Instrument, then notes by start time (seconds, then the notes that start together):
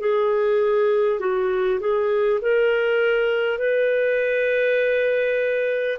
clarinet
0.00 G#4
1.19 F#4
1.80 G#4
2.41 A#4
3.58 B4